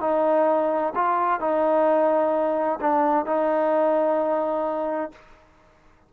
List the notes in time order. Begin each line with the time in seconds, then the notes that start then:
0.00 D#4
0.95 F4
1.40 D#4
2.80 D4
3.26 D#4